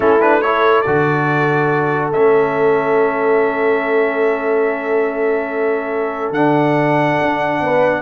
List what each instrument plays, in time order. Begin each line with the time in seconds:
0.00 tuba A3, trombone C#4, horn E4, trumpet A4
0.21 trombone D4, trumpet B4
0.41 trombone E4, horn A4, trumpet C#5
0.81 tuba D3, trombone F#4, trumpet D5
2.13 tuba A3, trombone C#4, trumpet E5
6.30 tuba D3, trombone D4, trumpet F#5
7.21 tuba D4
7.60 tuba B3, horn B4